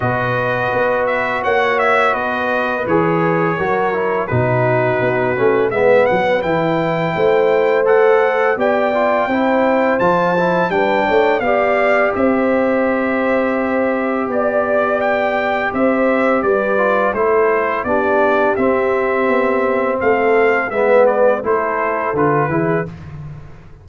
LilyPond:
<<
  \new Staff \with { instrumentName = "trumpet" } { \time 4/4 \tempo 4 = 84 dis''4. e''8 fis''8 e''8 dis''4 | cis''2 b'2 | e''8 fis''8 g''2 fis''4 | g''2 a''4 g''4 |
f''4 e''2. | d''4 g''4 e''4 d''4 | c''4 d''4 e''2 | f''4 e''8 d''8 c''4 b'4 | }
  \new Staff \with { instrumentName = "horn" } { \time 4/4 b'2 cis''4 b'4~ | b'4 ais'4 fis'2 | b'2 c''2 | d''4 c''2 b'8 cis''8 |
d''4 c''2. | d''2 c''4 b'4 | a'4 g'2. | a'4 b'4 a'4. gis'8 | }
  \new Staff \with { instrumentName = "trombone" } { \time 4/4 fis'1 | gis'4 fis'8 e'8 dis'4. cis'8 | b4 e'2 a'4 | g'8 f'8 e'4 f'8 e'8 d'4 |
g'1~ | g'2.~ g'8 f'8 | e'4 d'4 c'2~ | c'4 b4 e'4 f'8 e'8 | }
  \new Staff \with { instrumentName = "tuba" } { \time 4/4 b,4 b4 ais4 b4 | e4 fis4 b,4 b8 a8 | gis8 fis8 e4 a2 | b4 c'4 f4 g8 a8 |
b4 c'2. | b2 c'4 g4 | a4 b4 c'4 b4 | a4 gis4 a4 d8 e8 | }
>>